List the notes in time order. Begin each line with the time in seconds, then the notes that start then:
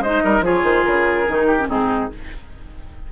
0.00 G#3 D#4 C5 D#5
0.24 G3 A#4
0.41 F3 F4 G#4 C#5
0.63 D#3 C5
0.83 C#3 A#4
1.28 D#3 D#4
1.47 G4
1.60 C#4
1.68 G#2 C4 D#4 G#4